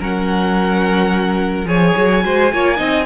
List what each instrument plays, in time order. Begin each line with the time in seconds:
0.00 cello F#3, viola C#4, violin A#4 F#5
1.65 cello F3, viola G#4, violin C#5 G#5
1.97 cello F#3
2.22 cello G#3, viola F#4, violin C5
2.52 cello A#3, viola F4, violin C#5
2.77 cello C4, viola D#4, violin D#5